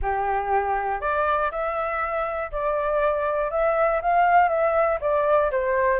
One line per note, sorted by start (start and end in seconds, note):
0.01 1.00 G4
1.00 1.50 D5
1.51 2.51 E5
2.51 3.50 D5
3.50 4.00 E5
4.01 4.48 F5
4.48 4.98 E5
5.00 5.50 D5
5.51 5.99 C5